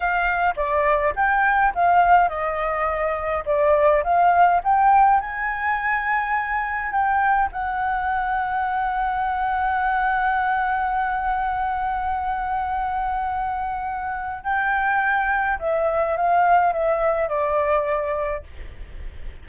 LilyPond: \new Staff \with { instrumentName = "flute" } { \time 4/4 \tempo 4 = 104 f''4 d''4 g''4 f''4 | dis''2 d''4 f''4 | g''4 gis''2. | g''4 fis''2.~ |
fis''1~ | fis''1~ | fis''4 g''2 e''4 | f''4 e''4 d''2 | }